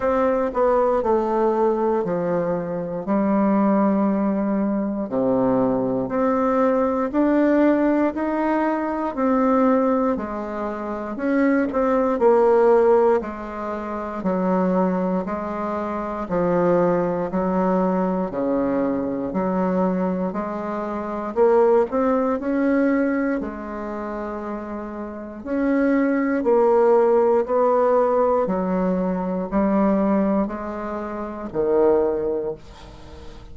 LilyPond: \new Staff \with { instrumentName = "bassoon" } { \time 4/4 \tempo 4 = 59 c'8 b8 a4 f4 g4~ | g4 c4 c'4 d'4 | dis'4 c'4 gis4 cis'8 c'8 | ais4 gis4 fis4 gis4 |
f4 fis4 cis4 fis4 | gis4 ais8 c'8 cis'4 gis4~ | gis4 cis'4 ais4 b4 | fis4 g4 gis4 dis4 | }